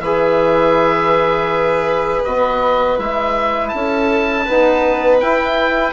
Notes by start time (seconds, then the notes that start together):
0.00 E3 G#4 B4 E5
2.25 B3 F#4 D#5
2.99 G#3 E4 E5
3.69 C#4 A4 A5
4.45 B3 D#4 B4
5.20 E4 G5